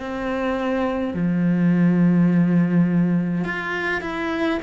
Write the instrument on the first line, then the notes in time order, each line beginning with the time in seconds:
cello
0.00 C4
1.14 F3
3.45 F4
4.01 E4